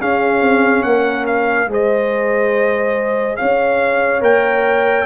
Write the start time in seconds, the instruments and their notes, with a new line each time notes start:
0.00 tuba C#4, trombone C#4, horn G#4, trumpet F5
0.41 tuba C4
0.83 tuba A#3, horn A#4, trumpet F#5
1.27 trumpet F5
1.68 tuba G#3, trombone G#4, horn C5, trumpet D#5
3.37 tuba C#4, horn C#5, trumpet F5
4.21 tuba A#3, trombone A#4, trumpet G5